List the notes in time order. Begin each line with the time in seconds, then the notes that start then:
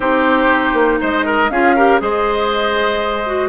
0.00 C4 D#4 G4 C5
0.73 A#3
1.00 G#3 C5 D#5
1.25 A#4
1.50 C#4 F4 G#4 F5
1.75 G4 A#4
1.99 G#3 G#4 C5 D#5
3.26 F#4